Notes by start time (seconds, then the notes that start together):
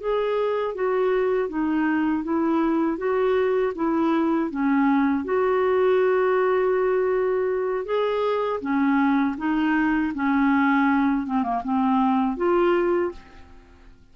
0.00 G#4
0.75 F#4
1.49 D#4
2.24 E4
2.98 F#4
3.75 E4
4.50 C#4
5.24 F#4
7.85 G#4
8.61 C#4
9.38 D#4
10.15 C#4
11.27 C4
11.43 A#3
11.64 C4
12.37 F4